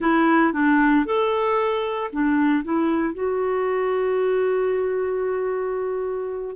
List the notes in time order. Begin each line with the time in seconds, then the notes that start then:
0.00 E4
0.53 D4
1.05 A4
2.12 D4
2.64 E4
3.13 F#4